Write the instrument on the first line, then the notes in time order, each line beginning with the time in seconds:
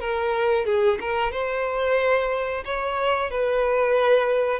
violin
0.00 A#4
0.65 G#4
1.00 A#4
1.32 C5
2.65 C#5
3.31 B4